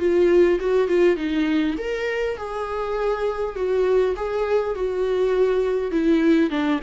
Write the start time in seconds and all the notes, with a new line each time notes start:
0.00 F4
0.60 F#4
0.88 F4
1.17 D#4
1.78 A#4
2.38 G#4
3.56 F#4
4.17 G#4
4.75 F#4
5.92 E4
6.50 D4